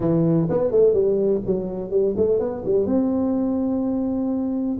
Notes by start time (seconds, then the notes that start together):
0.00 E3
0.49 B3
0.71 A3
0.93 G3
1.46 F#3
1.90 G3
2.16 A3
2.39 B3
2.65 G3
2.85 C4